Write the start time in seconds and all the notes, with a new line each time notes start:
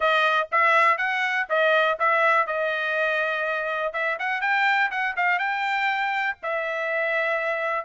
0.00 D#5
0.51 E5
0.97 F#5
1.49 D#5
1.99 E5
2.46 D#5
3.93 E5
4.19 F#5
4.41 G5
4.90 F#5
5.16 F5
5.38 G5
6.42 E5